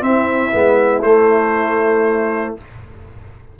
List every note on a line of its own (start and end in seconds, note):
0.00 0.51 C4
0.00 0.53 C4
0.00 2.59 E4
0.00 1.02 E5
0.52 1.01 G#3
0.52 1.03 B3
1.01 2.54 A3
1.01 2.57 A3
1.01 2.54 C5